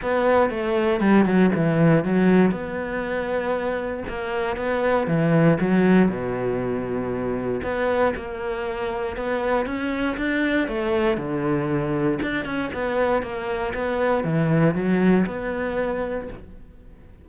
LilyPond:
\new Staff \with { instrumentName = "cello" } { \time 4/4 \tempo 4 = 118 b4 a4 g8 fis8 e4 | fis4 b2. | ais4 b4 e4 fis4 | b,2. b4 |
ais2 b4 cis'4 | d'4 a4 d2 | d'8 cis'8 b4 ais4 b4 | e4 fis4 b2 | }